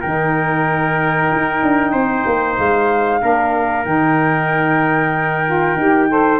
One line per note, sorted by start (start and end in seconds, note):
0.00 1.32 D#3
0.00 3.21 D#4
0.00 1.91 A#4
0.00 2.56 G5
1.32 1.63 D#4
1.63 1.93 D4
1.92 2.25 C4
1.92 3.19 C5
2.26 2.58 A#3
2.58 3.22 G#3
2.58 3.85 F5
3.21 3.86 A#3
3.21 3.84 D4
3.21 6.09 A#4
3.84 5.76 D#3
3.84 5.44 D#4
3.84 6.40 G5
5.46 5.78 F4
5.76 6.40 D#4
5.76 6.09 G4
6.09 6.40 A4
6.09 6.40 C5